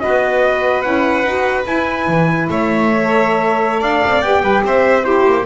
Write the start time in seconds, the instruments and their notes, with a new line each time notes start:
0.00 double bass B3, saxophone F#4, violin B4, trumpet D#5
0.82 double bass C#4, saxophone E4, trumpet F#5
1.24 double bass D#4, saxophone F#4
1.64 saxophone E4, double bass E4, trumpet G#5
2.07 double bass E3
2.49 double bass A3, violin C#5, trumpet E5
3.03 saxophone A4
3.80 double bass D4, violin D5, trumpet F5
4.06 double bass C4
4.22 double bass B3, saxophone G4, trumpet G5
4.41 double bass G3, violin B4
4.64 double bass C4, violin C5, trumpet E5
5.02 saxophone E4, violin G4, trumpet C5
5.26 double bass A#3